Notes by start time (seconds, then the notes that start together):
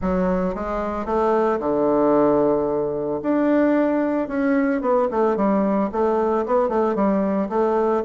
0.01 F#3
0.55 G#3
1.05 A3
1.59 D3
3.22 D4
4.27 C#4
4.81 B3
5.10 A3
5.36 G3
5.92 A3
6.46 B3
6.68 A3
6.95 G3
7.49 A3